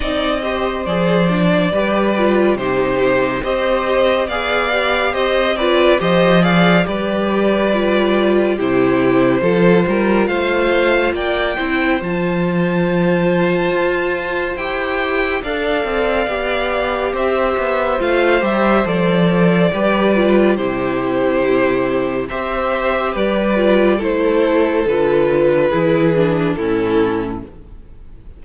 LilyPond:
<<
  \new Staff \with { instrumentName = "violin" } { \time 4/4 \tempo 4 = 70 dis''4 d''2 c''4 | dis''4 f''4 dis''8 d''8 dis''8 f''8 | d''2 c''2 | f''4 g''4 a''2~ |
a''4 g''4 f''2 | e''4 f''8 e''8 d''2 | c''2 e''4 d''4 | c''4 b'2 a'4 | }
  \new Staff \with { instrumentName = "violin" } { \time 4/4 d''8 c''4. b'4 g'4 | c''4 d''4 c''8 b'8 c''8 d''8 | b'2 g'4 a'8 ais'8 | c''4 d''8 c''2~ c''8~ |
c''2 d''2 | c''2. b'4 | g'2 c''4 b'4 | a'2 gis'4 e'4 | }
  \new Staff \with { instrumentName = "viola" } { \time 4/4 dis'8 g'8 gis'8 d'8 g'8 f'8 dis'4 | g'4 gis'8 g'4 f'8 g'8 gis'8 | g'4 f'4 e'4 f'4~ | f'4. e'8 f'2~ |
f'4 g'4 a'4 g'4~ | g'4 f'8 g'8 a'4 g'8 f'8 | e'2 g'4. f'8 | e'4 f'4 e'8 d'8 cis'4 | }
  \new Staff \with { instrumentName = "cello" } { \time 4/4 c'4 f4 g4 c4 | c'4 b4 c'4 f4 | g2 c4 f8 g8 | a4 ais8 c'8 f2 |
f'4 e'4 d'8 c'8 b4 | c'8 b8 a8 g8 f4 g4 | c2 c'4 g4 | a4 d4 e4 a,4 | }
>>